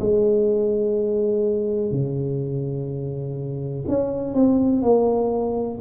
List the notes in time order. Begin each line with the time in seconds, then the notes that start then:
0.00 G#3
1.91 C#3
3.88 C#4
4.34 C4
4.82 A#3